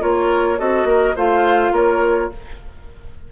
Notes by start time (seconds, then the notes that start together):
0.00 A#3 F4 A#4 C#5
0.58 C4 F#4 A4 D#5
0.85 A#3 A#4
1.16 A3 F4 C5 F5
1.72 A#3 A#4 C#5